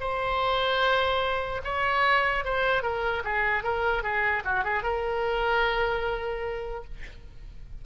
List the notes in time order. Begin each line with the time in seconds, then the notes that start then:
0.00 C5
1.64 C#5
2.44 C5
2.82 A#4
3.24 G#4
3.63 A#4
4.02 G#4
4.44 F#4
4.64 G#4
4.82 A#4